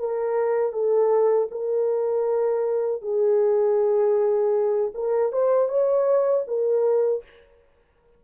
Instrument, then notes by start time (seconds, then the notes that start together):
horn
0.00 A#4
0.73 A4
1.51 A#4
3.02 G#4
4.95 A#4
5.33 C5
5.69 C#5
6.48 A#4